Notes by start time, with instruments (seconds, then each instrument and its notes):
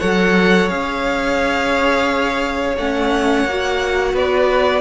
0.00 cello F#3, viola A4, violin C#5 F#5
0.69 cello C#4, viola G#4, violin F5
2.77 cello A3, viola C#4, violin F#5
3.45 cello A#3, viola F#4
4.13 cello B3, violin B4 D5